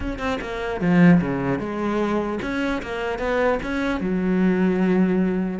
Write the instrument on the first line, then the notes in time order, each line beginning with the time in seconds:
cello
0.00 C#4
0.18 C4
0.41 A#3
0.80 F3
1.21 C#3
1.59 G#3
2.42 C#4
2.82 A#3
3.18 B3
3.62 C#4
4.00 F#3